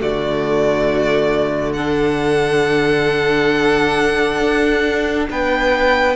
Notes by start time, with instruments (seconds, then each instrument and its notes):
0.00 cello D3, viola A3, violin F#4 D5
1.73 viola D4, violin A4 F#5
4.40 cello D4
5.30 cello B3, violin B4 G5